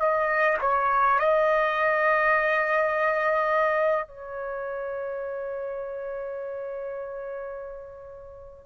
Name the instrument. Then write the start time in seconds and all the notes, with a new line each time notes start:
trumpet
0.00 D#5
0.62 C#5
1.20 D#5
4.08 C#5